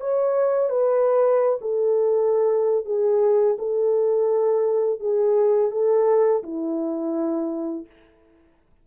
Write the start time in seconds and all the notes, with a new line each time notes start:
0.00 C#5
0.69 B4
1.61 A4
2.85 G#4
3.58 A4
5.00 G#4
5.71 A4
6.43 E4